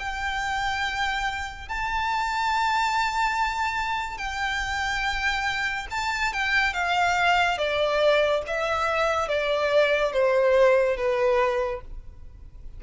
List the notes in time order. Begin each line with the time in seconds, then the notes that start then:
0.00 G5
1.69 A5
4.18 G5
5.91 A5
6.33 G5
6.74 F5
7.58 D5
8.47 E5
9.28 D5
10.13 C5
10.97 B4